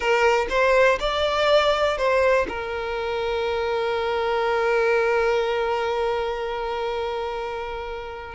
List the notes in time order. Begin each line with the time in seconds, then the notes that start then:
0.00 A#4
0.49 C5
0.99 D5
1.97 C5
2.48 A#4